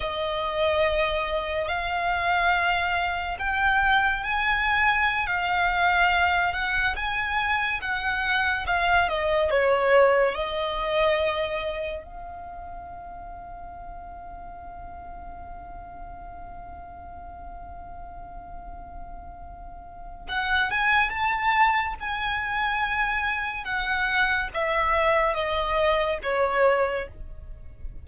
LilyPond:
\new Staff \with { instrumentName = "violin" } { \time 4/4 \tempo 4 = 71 dis''2 f''2 | g''4 gis''4~ gis''16 f''4. fis''16~ | fis''16 gis''4 fis''4 f''8 dis''8 cis''8.~ | cis''16 dis''2 f''4.~ f''16~ |
f''1~ | f''1 | fis''8 gis''8 a''4 gis''2 | fis''4 e''4 dis''4 cis''4 | }